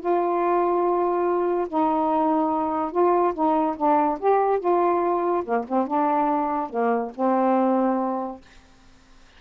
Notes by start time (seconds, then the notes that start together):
0.00 F4
1.69 D#4
2.92 F4
3.34 D#4
3.77 D4
4.20 G4
4.60 F4
5.45 A#3
5.68 C4
5.87 D4
6.70 A#3
7.15 C4